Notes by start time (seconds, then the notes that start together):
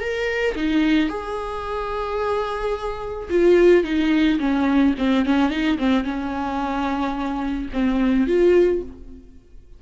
0.00 A#4
0.56 D#4
1.09 G#4
3.30 F4
3.84 D#4
4.39 C#4
4.98 C4
5.25 C#4
5.50 D#4
5.78 C4
6.04 C#4
7.73 C4
8.27 F4